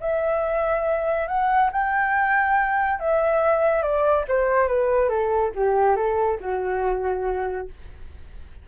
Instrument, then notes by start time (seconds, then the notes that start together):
flute
0.00 E5
1.28 F#5
1.72 G5
2.99 E5
3.82 D5
4.28 C5
4.67 B4
5.09 A4
5.55 G4
5.96 A4
6.40 F#4